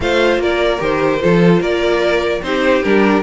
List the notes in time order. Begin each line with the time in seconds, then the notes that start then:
0.00 A3 F4 C5 F5
0.37 A#3 A#4 D5
0.79 D#3 G4 C5
1.20 F3 F4 A4
1.60 A#3 A#4 D5
2.42 C4 D#4 G4 C5
2.83 G3 D4 A#4